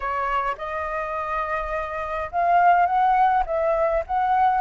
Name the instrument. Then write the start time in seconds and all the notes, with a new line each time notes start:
flute
0.00 C#5
0.57 D#5
2.31 F5
2.86 F#5
3.46 E5
4.06 F#5